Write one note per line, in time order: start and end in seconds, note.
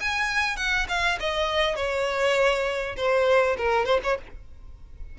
0.00 0.56 G#5
0.56 0.86 F#5
0.89 1.19 F5
1.20 1.76 D#5
1.76 2.96 C#5
2.96 3.56 C5
3.57 3.85 A#4
3.85 4.00 C5
4.03 4.18 C#5